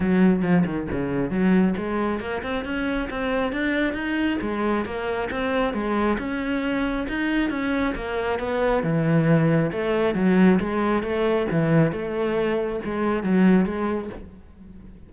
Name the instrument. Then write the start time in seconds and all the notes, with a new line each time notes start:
cello
0.00 F#3
0.42 F3
0.65 D#3
0.91 C#3
1.30 F#3
1.77 G#3
2.20 A#3
2.42 C4
2.64 C#4
3.10 C4
3.52 D4
3.93 D#4
4.41 G#3
4.85 A#3
5.31 C4
5.73 G#3
6.18 C#4
7.08 D#4
7.50 C#4
7.95 A#3
8.39 B3
8.83 E3
9.72 A3
10.15 F#3
10.59 G#3
11.02 A3
11.51 E3
11.91 A3
12.84 G#3
13.23 F#3
13.65 G#3